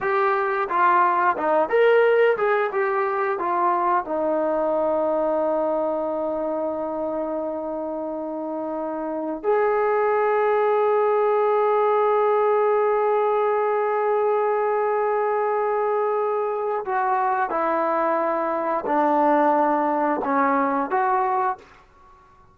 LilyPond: \new Staff \with { instrumentName = "trombone" } { \time 4/4 \tempo 4 = 89 g'4 f'4 dis'8 ais'4 gis'8 | g'4 f'4 dis'2~ | dis'1~ | dis'2 gis'2~ |
gis'1~ | gis'1~ | gis'4 fis'4 e'2 | d'2 cis'4 fis'4 | }